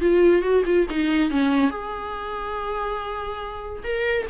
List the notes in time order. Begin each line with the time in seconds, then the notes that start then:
0.00 F4
0.42 F#4
0.65 F4
0.90 D#4
1.30 C#4
1.70 G#4
3.83 A#4